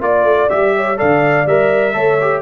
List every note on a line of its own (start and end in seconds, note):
0.00 0.24 A#3
0.00 0.50 F4
0.00 0.49 D5
0.00 0.76 D5
0.24 0.48 A3
0.49 1.00 G3
0.49 0.97 G4
0.49 0.98 E5
0.76 0.97 C#5
0.97 1.46 D3
0.97 1.46 A4
0.97 1.95 D5
0.97 1.47 F5
1.46 1.94 G3
1.46 1.93 A#4
1.46 2.42 E5
1.93 2.42 A3
1.93 2.18 A4
1.93 2.42 C#5
2.21 2.42 G4